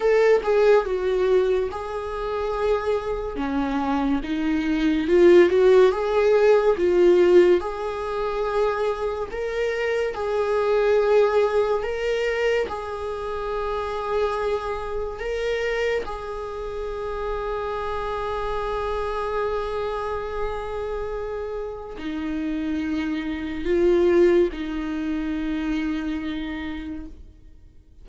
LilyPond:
\new Staff \with { instrumentName = "viola" } { \time 4/4 \tempo 4 = 71 a'8 gis'8 fis'4 gis'2 | cis'4 dis'4 f'8 fis'8 gis'4 | f'4 gis'2 ais'4 | gis'2 ais'4 gis'4~ |
gis'2 ais'4 gis'4~ | gis'1~ | gis'2 dis'2 | f'4 dis'2. | }